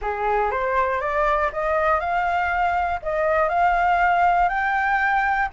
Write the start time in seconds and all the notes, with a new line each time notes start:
0.01 G#4
0.50 C5
1.00 D5
1.52 D#5
2.00 F5
3.02 D#5
3.48 F5
4.49 G5